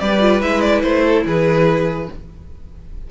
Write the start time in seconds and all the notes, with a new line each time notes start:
0.00 G3 G4 B4 D5
0.21 F4
0.41 G#3 E4 E5
0.61 D5
0.82 A3 C5
1.03 A4
1.26 E3 G#4 B4